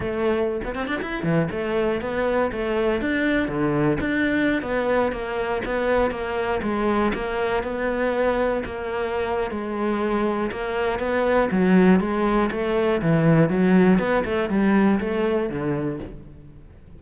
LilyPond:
\new Staff \with { instrumentName = "cello" } { \time 4/4 \tempo 4 = 120 a4~ a16 b16 c'16 d'16 e'8 e8 a4 | b4 a4 d'4 d4 | d'4~ d'16 b4 ais4 b8.~ | b16 ais4 gis4 ais4 b8.~ |
b4~ b16 ais4.~ ais16 gis4~ | gis4 ais4 b4 fis4 | gis4 a4 e4 fis4 | b8 a8 g4 a4 d4 | }